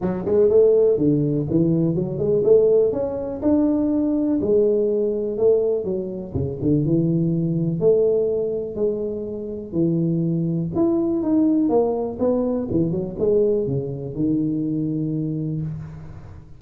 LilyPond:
\new Staff \with { instrumentName = "tuba" } { \time 4/4 \tempo 4 = 123 fis8 gis8 a4 d4 e4 | fis8 gis8 a4 cis'4 d'4~ | d'4 gis2 a4 | fis4 cis8 d8 e2 |
a2 gis2 | e2 e'4 dis'4 | ais4 b4 e8 fis8 gis4 | cis4 dis2. | }